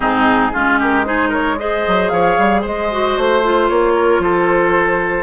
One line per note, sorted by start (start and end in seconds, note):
0.00 0.54 G#2
0.00 0.52 C4
0.00 0.52 D#4
0.00 0.79 G#4
0.53 1.86 G#3
0.53 1.04 C#4
0.53 0.79 F4
0.79 1.05 G4
0.79 1.05 A#4
1.04 1.57 D#4
1.04 1.29 G#4
1.04 1.31 C5
1.29 1.55 A#4
1.29 1.58 C#5
1.58 2.90 G#4
1.58 2.12 C5
1.58 2.08 D#5
1.87 2.11 F#3
2.08 2.37 F3
2.08 2.61 C#5
2.08 2.61 F5
2.38 2.64 G3
2.61 3.17 G#3
2.61 3.93 C5
2.61 3.17 D#5
2.90 3.42 F#4
3.17 3.69 A3
3.17 3.69 C5
3.42 5.23 F4
3.69 4.19 A#3
3.69 4.21 C#5
3.95 4.21 A#4
4.19 5.23 F3
4.19 5.23 A4
4.19 5.23 C5